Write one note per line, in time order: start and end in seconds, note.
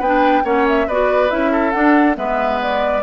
0.00 0.44 B3
0.00 0.44 D4
0.00 0.43 B4
0.00 0.46 G5
0.44 0.88 A#3
0.44 0.87 C#4
0.44 0.88 C#5
0.44 0.67 F#5
0.68 0.89 E5
0.88 1.31 B3
0.88 1.30 F#4
0.88 1.52 B4
0.88 1.31 D5
1.30 1.75 C#4
1.30 1.73 E4
1.30 1.72 E5
1.52 2.17 A4
1.72 2.15 D4
1.72 2.18 D4
1.72 2.15 F#5
2.15 3.03 G#3
2.15 3.02 B3
2.15 3.03 B4
2.15 2.61 E5
2.63 3.03 D5